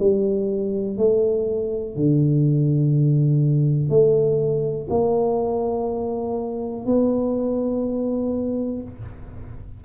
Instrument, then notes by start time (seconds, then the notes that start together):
tuba
0.00 G3
0.98 A3
1.96 D3
3.90 A3
4.90 A#3
6.86 B3